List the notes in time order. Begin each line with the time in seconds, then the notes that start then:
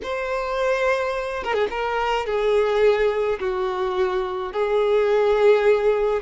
0.02 C5
1.43 A#4
1.53 G#4
1.70 A#4
2.26 G#4
3.39 F#4
4.53 G#4